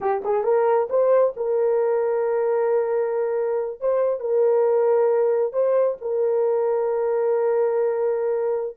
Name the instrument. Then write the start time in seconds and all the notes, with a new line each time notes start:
horn
0.00 G4
0.24 G#4
0.43 A#4
0.89 C5
1.36 A#4
3.80 C5
4.19 A#4
5.52 C5
6.01 A#4